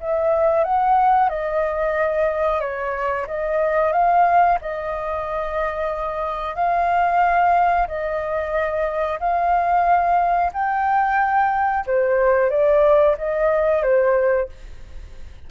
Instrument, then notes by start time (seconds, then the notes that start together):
flute
0.00 E5
0.64 F#5
1.29 D#5
2.60 C#5
3.26 D#5
3.92 F5
4.61 D#5
6.55 F5
7.87 D#5
9.19 F5
10.53 G5
11.86 C5
12.50 D5
13.17 D#5
13.82 C5